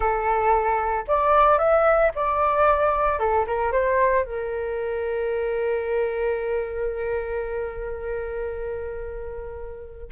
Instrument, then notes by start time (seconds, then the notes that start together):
flute
0.00 A4
1.07 D5
1.58 E5
2.15 D5
3.19 A4
3.46 A#4
3.72 C5
4.24 A#4